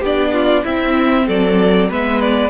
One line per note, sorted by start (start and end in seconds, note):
0.00 0.64 B3
0.00 0.66 D4
0.00 0.31 G4
0.00 0.65 D5
0.33 0.63 F4
0.63 1.90 C4
0.63 1.28 C4
0.63 1.26 E4
0.63 1.27 E5
1.27 1.90 F#3
1.27 1.89 A4
1.27 1.91 D5
1.89 2.50 G#3
1.89 2.50 B3
1.89 2.50 B4
1.89 2.21 E5
2.21 2.50 D5